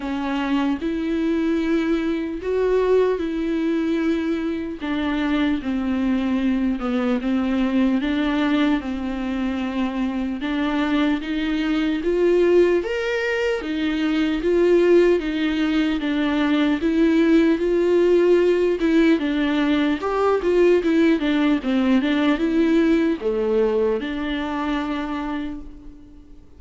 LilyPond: \new Staff \with { instrumentName = "viola" } { \time 4/4 \tempo 4 = 75 cis'4 e'2 fis'4 | e'2 d'4 c'4~ | c'8 b8 c'4 d'4 c'4~ | c'4 d'4 dis'4 f'4 |
ais'4 dis'4 f'4 dis'4 | d'4 e'4 f'4. e'8 | d'4 g'8 f'8 e'8 d'8 c'8 d'8 | e'4 a4 d'2 | }